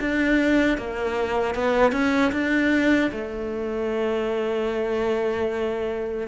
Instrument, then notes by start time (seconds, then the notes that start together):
cello
0.00 D4
0.78 A#3
1.55 B3
1.92 C#4
2.32 D4
3.11 A3